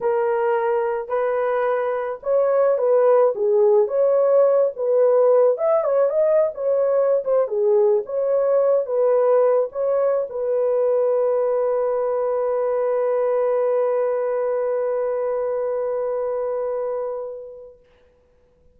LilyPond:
\new Staff \with { instrumentName = "horn" } { \time 4/4 \tempo 4 = 108 ais'2 b'2 | cis''4 b'4 gis'4 cis''4~ | cis''8 b'4. e''8 cis''8 dis''8. cis''16~ | cis''4 c''8 gis'4 cis''4. |
b'4. cis''4 b'4.~ | b'1~ | b'1~ | b'1 | }